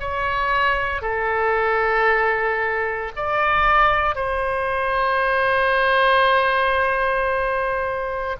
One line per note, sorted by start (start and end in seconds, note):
0.00 1.01 C#5
1.01 3.12 A4
3.16 4.15 D5
4.15 8.36 C5